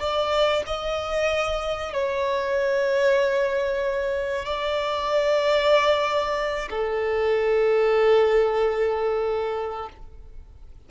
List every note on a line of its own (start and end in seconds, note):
0.00 0.64 D5
0.67 1.94 D#5
1.94 4.46 C#5
4.46 6.69 D5
6.70 9.89 A4